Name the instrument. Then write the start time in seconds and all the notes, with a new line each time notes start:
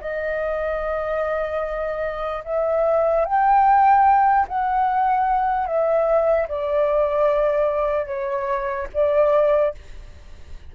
flute
0.00 D#5
2.44 E5
3.25 G5
4.48 F#5
5.66 E5
6.48 D5
8.06 C#5
8.93 D5